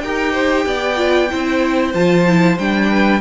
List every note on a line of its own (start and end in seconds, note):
0.00 0.66 D#4
0.00 0.96 G4
0.00 0.32 A#4
0.00 1.91 G5
0.32 0.64 C5
0.66 1.30 B3
0.66 1.30 D5
0.96 1.28 F4
1.30 1.94 C4
1.30 1.94 E4
1.30 2.89 C5
1.94 2.58 F3
1.94 2.26 F4
1.94 2.57 A5
2.27 2.59 E4
2.58 3.20 G3
2.58 3.20 D4
2.58 3.20 G5
2.89 3.20 B4